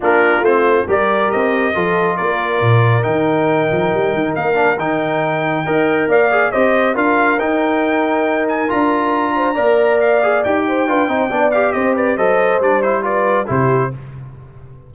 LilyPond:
<<
  \new Staff \with { instrumentName = "trumpet" } { \time 4/4 \tempo 4 = 138 ais'4 c''4 d''4 dis''4~ | dis''4 d''2 g''4~ | g''2 f''4 g''4~ | g''2 f''4 dis''4 |
f''4 g''2~ g''8 gis''8 | ais''2. f''4 | g''2~ g''8 f''8 dis''8 d''8 | dis''4 d''8 c''8 d''4 c''4 | }
  \new Staff \with { instrumentName = "horn" } { \time 4/4 f'2 ais'2 | a'4 ais'2.~ | ais'1~ | ais'4 dis''4 d''4 c''4 |
ais'1~ | ais'4. c''8 d''2~ | d''8 c''8 b'8 c''8 d''4 c''8 b'8 | c''2 b'4 g'4 | }
  \new Staff \with { instrumentName = "trombone" } { \time 4/4 d'4 c'4 g'2 | f'2. dis'4~ | dis'2~ dis'8 d'8 dis'4~ | dis'4 ais'4. gis'8 g'4 |
f'4 dis'2. | f'2 ais'4. gis'8 | g'4 f'8 dis'8 d'8 g'4. | a'4 d'8 e'8 f'4 e'4 | }
  \new Staff \with { instrumentName = "tuba" } { \time 4/4 ais4 a4 g4 c'4 | f4 ais4 ais,4 dis4~ | dis8 f8 g8 dis8 ais4 dis4~ | dis4 dis'4 ais4 c'4 |
d'4 dis'2. | d'2 ais2 | dis'4 d'8 c'8 b4 c'4 | fis4 g2 c4 | }
>>